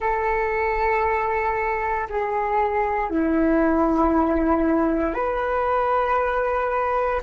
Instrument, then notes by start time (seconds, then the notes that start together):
flute
0.00 A4
2.09 G#4
3.10 E4
5.14 B4